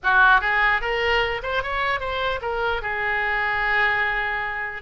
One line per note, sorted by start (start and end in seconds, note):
0.03 0.40 F#4
0.40 0.81 G#4
0.81 1.41 A#4
1.42 1.62 C5
1.62 1.99 C#5
1.99 2.40 C5
2.41 2.82 A#4
2.82 4.82 G#4